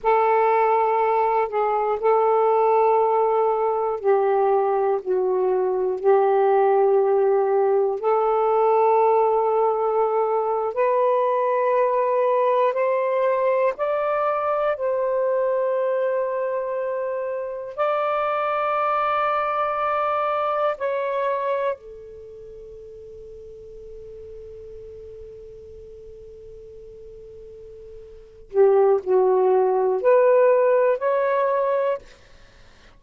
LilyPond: \new Staff \with { instrumentName = "saxophone" } { \time 4/4 \tempo 4 = 60 a'4. gis'8 a'2 | g'4 fis'4 g'2 | a'2~ a'8. b'4~ b'16~ | b'8. c''4 d''4 c''4~ c''16~ |
c''4.~ c''16 d''2~ d''16~ | d''8. cis''4 a'2~ a'16~ | a'1~ | a'8 g'8 fis'4 b'4 cis''4 | }